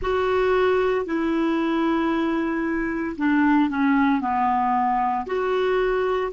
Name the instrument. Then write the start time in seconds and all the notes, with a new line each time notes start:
clarinet
0.01 F#4
1.05 E4
3.17 D4
3.69 C#4
4.21 B3
5.26 F#4